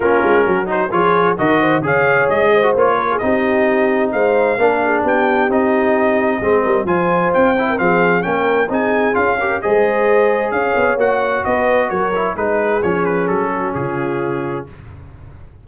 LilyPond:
<<
  \new Staff \with { instrumentName = "trumpet" } { \time 4/4 \tempo 4 = 131 ais'4. c''8 cis''4 dis''4 | f''4 dis''4 cis''4 dis''4~ | dis''4 f''2 g''4 | dis''2. gis''4 |
g''4 f''4 g''4 gis''4 | f''4 dis''2 f''4 | fis''4 dis''4 cis''4 b'4 | cis''8 b'8 a'4 gis'2 | }
  \new Staff \with { instrumentName = "horn" } { \time 4/4 f'4 fis'4 gis'4 ais'8 c''8 | cis''4. c''4 ais'16 gis'16 g'4~ | g'4 c''4 ais'8 gis'8 g'4~ | g'2 gis'8 ais'8 c''4~ |
c''8. ais'16 gis'4 ais'4 gis'4~ | gis'8 ais'8 c''2 cis''4~ | cis''4 b'4 ais'4 gis'4~ | gis'4. fis'8 f'2 | }
  \new Staff \with { instrumentName = "trombone" } { \time 4/4 cis'4. dis'8 f'4 fis'4 | gis'4.~ gis'16 fis'16 f'4 dis'4~ | dis'2 d'2 | dis'2 c'4 f'4~ |
f'8 e'8 c'4 cis'4 dis'4 | f'8 g'8 gis'2. | fis'2~ fis'8 e'8 dis'4 | cis'1 | }
  \new Staff \with { instrumentName = "tuba" } { \time 4/4 ais8 gis8 fis4 f4 dis4 | cis4 gis4 ais4 c'4~ | c'4 gis4 ais4 b4 | c'2 gis8 g8 f4 |
c'4 f4 ais4 c'4 | cis'4 gis2 cis'8 b8 | ais4 b4 fis4 gis4 | f4 fis4 cis2 | }
>>